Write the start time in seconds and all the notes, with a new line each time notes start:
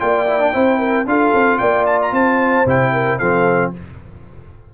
0.00 A#3 F4 D5 G5
0.27 E4
0.40 D4
0.53 C4 E4 C5
0.79 A#4
1.06 D4 F4 A4 F5
1.34 C4
1.59 A#3 D5 G5
1.87 A5
2.02 A#5
2.12 C4 C5 A5
2.66 C3 E4 G5
2.93 A#4
3.19 F3 C4 A4 F5